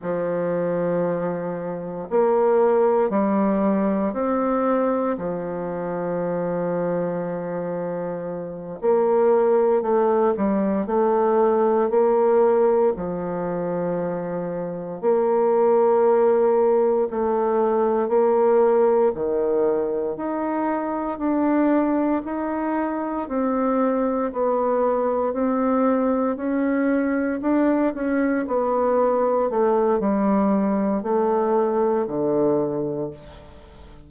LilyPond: \new Staff \with { instrumentName = "bassoon" } { \time 4/4 \tempo 4 = 58 f2 ais4 g4 | c'4 f2.~ | f8 ais4 a8 g8 a4 ais8~ | ais8 f2 ais4.~ |
ais8 a4 ais4 dis4 dis'8~ | dis'8 d'4 dis'4 c'4 b8~ | b8 c'4 cis'4 d'8 cis'8 b8~ | b8 a8 g4 a4 d4 | }